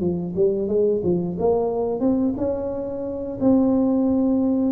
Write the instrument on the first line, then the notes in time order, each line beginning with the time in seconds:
tuba
0.00 F3
0.35 G3
0.67 G#3
1.03 F3
1.39 A#3
2.00 C4
2.37 C#4
3.40 C4